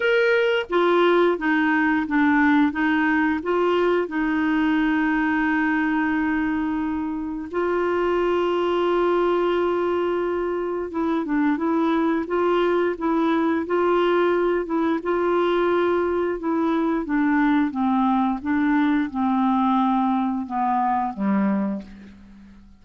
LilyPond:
\new Staff \with { instrumentName = "clarinet" } { \time 4/4 \tempo 4 = 88 ais'4 f'4 dis'4 d'4 | dis'4 f'4 dis'2~ | dis'2. f'4~ | f'1 |
e'8 d'8 e'4 f'4 e'4 | f'4. e'8 f'2 | e'4 d'4 c'4 d'4 | c'2 b4 g4 | }